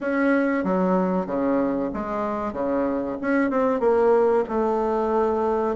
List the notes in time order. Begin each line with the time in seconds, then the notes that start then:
0.00 C#4
0.64 F#3
1.26 C#3
1.93 G#3
2.52 C#3
3.21 C#4
3.50 C4
3.80 A#3
4.49 A3